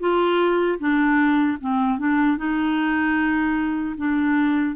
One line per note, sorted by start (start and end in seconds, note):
0.00 0.79 F4
0.79 1.58 D4
1.61 1.99 C4
1.99 2.38 D4
2.38 3.96 D#4
3.98 4.76 D4